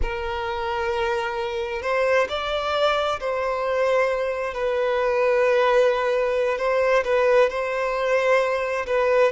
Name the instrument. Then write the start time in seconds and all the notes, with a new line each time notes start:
violin
0.02 A#4
1.82 C5
2.29 D5
3.19 C5
4.53 B4
6.58 C5
7.04 B4
7.49 C5
8.86 B4